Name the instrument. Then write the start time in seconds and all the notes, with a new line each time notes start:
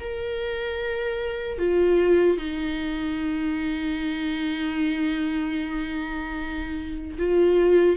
viola
0.00 A#4
1.59 F4
2.38 D#4
7.19 F4